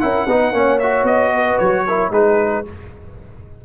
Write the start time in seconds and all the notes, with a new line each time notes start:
0.00 C#4 E4 A#4 F#5
0.27 B3 D#4 B4
0.52 A#3 C#4 C#5
0.79 F#4 E5
1.03 B3 D#5
1.33 B4
1.59 F#3 C#5
1.86 E4 A#4
2.11 G#3 D#4 G#4 B4